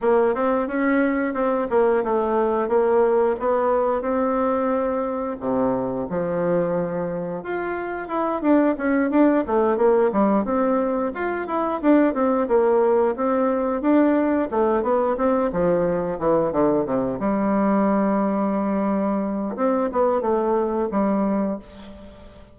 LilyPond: \new Staff \with { instrumentName = "bassoon" } { \time 4/4 \tempo 4 = 89 ais8 c'8 cis'4 c'8 ais8 a4 | ais4 b4 c'2 | c4 f2 f'4 | e'8 d'8 cis'8 d'8 a8 ais8 g8 c'8~ |
c'8 f'8 e'8 d'8 c'8 ais4 c'8~ | c'8 d'4 a8 b8 c'8 f4 | e8 d8 c8 g2~ g8~ | g4 c'8 b8 a4 g4 | }